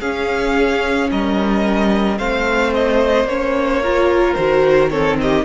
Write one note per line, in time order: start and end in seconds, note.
0.00 1.10 C#4
0.00 2.19 C#4
0.00 1.09 G#4
0.00 1.10 F5
1.11 2.19 G3
1.11 2.19 A#4
1.11 2.19 D#5
2.19 3.24 A3
2.19 3.28 C4
2.19 3.82 C5
2.19 2.73 F5
2.74 3.28 D#5
3.24 4.33 A#3
3.24 3.84 C#4
3.24 4.35 C#5
3.82 4.38 F4
3.82 4.91 A#4
4.35 5.45 D#3
4.35 4.91 F#4
4.35 4.89 C5
4.90 5.45 C4
4.90 5.18 A4
4.90 5.17 C#5
5.21 5.45 G4
5.21 5.45 D#5